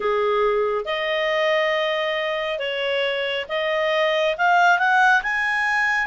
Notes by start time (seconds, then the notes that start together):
0.00 G#4
0.85 D#5
2.58 C#5
3.49 D#5
4.37 F5
4.78 F#5
5.23 G#5